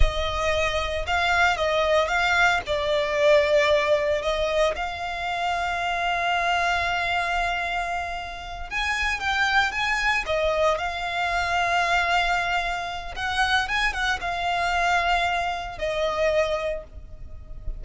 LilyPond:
\new Staff \with { instrumentName = "violin" } { \time 4/4 \tempo 4 = 114 dis''2 f''4 dis''4 | f''4 d''2. | dis''4 f''2.~ | f''1~ |
f''8 gis''4 g''4 gis''4 dis''8~ | dis''8 f''2.~ f''8~ | f''4 fis''4 gis''8 fis''8 f''4~ | f''2 dis''2 | }